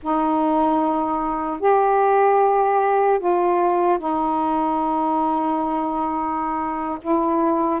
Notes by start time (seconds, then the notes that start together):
0.02 D#4
1.60 G4
3.19 F4
3.98 D#4
7.01 E4